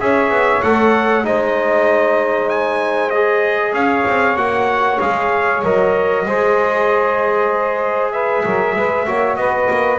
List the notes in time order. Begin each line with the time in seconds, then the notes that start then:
0.00 C#4 G#4 C#5 E5
0.30 B3
0.62 A3 A4 F#5
1.23 G#3 D#4 C5 D#5
2.49 G#5
3.10 G#4 D#5
3.73 C#4 C#5 F5
4.07 C4
4.36 A#3 F#4 F#5
5.00 G#3 G#4 F5
5.63 F#3 A#4 D#5
6.25 G#3 G#4 C5
8.12 B4 E5
8.44 F#3 A#4
8.76 G#3 B4
9.05 A#3 F#4 C#5
9.36 B3 B4 D#5
9.70 A#3